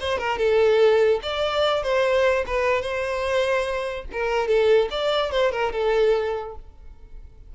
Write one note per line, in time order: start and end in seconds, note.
0.00 0.18 C5
0.18 0.38 A#4
0.38 1.20 A4
1.22 1.83 D5
1.83 2.45 C5
2.47 2.82 B4
2.82 4.05 C5
4.12 4.48 A#4
4.48 4.89 A4
4.91 5.31 D5
5.31 5.52 C5
5.52 5.72 A#4
5.73 6.55 A4